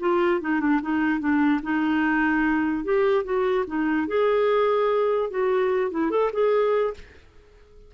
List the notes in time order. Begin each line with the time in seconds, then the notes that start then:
0.00 F4
0.41 D#4
0.60 D4
0.82 D#4
1.20 D4
1.63 D#4
2.84 G4
3.24 F#4
3.67 D#4
4.08 G#4
5.30 F#4
5.91 E4
6.11 A4
6.32 G#4